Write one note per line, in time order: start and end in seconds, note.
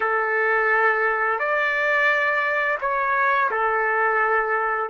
0.00 1.39 A4
1.39 2.78 D5
2.80 3.50 C#5
3.50 4.89 A4